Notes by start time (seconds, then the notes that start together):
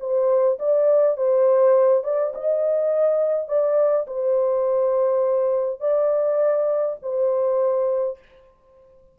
0.00 C5
0.59 D5
1.17 C5
2.04 D5
2.35 D#5
3.48 D5
4.07 C5
5.80 D5
7.02 C5